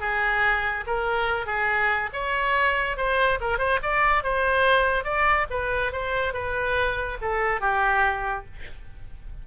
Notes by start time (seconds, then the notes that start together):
0.00 G#4
0.87 A#4
1.46 G#4
2.13 C#5
2.97 C5
3.41 A#4
3.58 C5
3.83 D5
4.23 C5
5.04 D5
5.50 B4
5.92 C5
6.33 B4
7.21 A4
7.60 G4